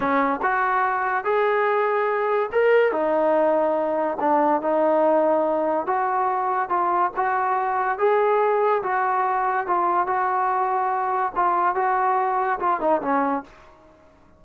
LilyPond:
\new Staff \with { instrumentName = "trombone" } { \time 4/4 \tempo 4 = 143 cis'4 fis'2 gis'4~ | gis'2 ais'4 dis'4~ | dis'2 d'4 dis'4~ | dis'2 fis'2 |
f'4 fis'2 gis'4~ | gis'4 fis'2 f'4 | fis'2. f'4 | fis'2 f'8 dis'8 cis'4 | }